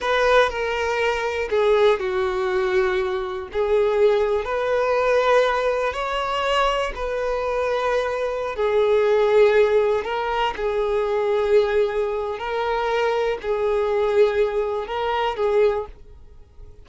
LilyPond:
\new Staff \with { instrumentName = "violin" } { \time 4/4 \tempo 4 = 121 b'4 ais'2 gis'4 | fis'2. gis'4~ | gis'4 b'2. | cis''2 b'2~ |
b'4~ b'16 gis'2~ gis'8.~ | gis'16 ais'4 gis'2~ gis'8.~ | gis'4 ais'2 gis'4~ | gis'2 ais'4 gis'4 | }